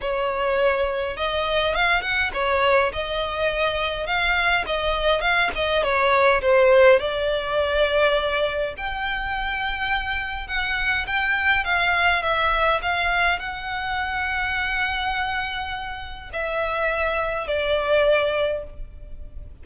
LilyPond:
\new Staff \with { instrumentName = "violin" } { \time 4/4 \tempo 4 = 103 cis''2 dis''4 f''8 fis''8 | cis''4 dis''2 f''4 | dis''4 f''8 dis''8 cis''4 c''4 | d''2. g''4~ |
g''2 fis''4 g''4 | f''4 e''4 f''4 fis''4~ | fis''1 | e''2 d''2 | }